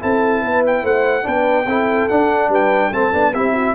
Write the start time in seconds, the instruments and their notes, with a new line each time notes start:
0.00 tuba C4, trombone E4, horn A4, trumpet A5
0.43 tuba B3, horn B4
0.67 trumpet G5
0.83 tuba A3, horn C5, trumpet F#5
1.23 tuba B3, trombone D4, horn B4, trumpet G5
1.67 tuba C4, trombone E4, horn A4
2.09 trombone D4, tuba D4, trumpet F#5
2.49 tuba G3, horn B4, trumpet G5
2.91 tuba A3, trombone C4, horn A4, trumpet A5
3.13 tuba B3, trombone D4
3.34 tuba C4, trombone E4, horn G4, trumpet E5
3.54 horn F#4